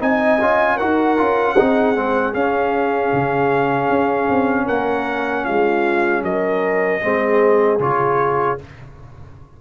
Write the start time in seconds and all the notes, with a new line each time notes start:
0.00 C4 D#4 D#5 G#5
0.41 C#4 F4
0.77 D#4 F#4 A#4 F#5
1.18 C#4 F4
1.57 C4 D#4 G#4
1.96 G#3 C4
2.34 C#4 F5
3.13 C#3
3.90 C#4
4.29 C4
4.66 A#3 A#4 F#5
5.45 G#3 F4 F5
6.23 F#3 A#4 D#5
7.01 G#3 C4 G#4
7.79 C#3 F4 C#5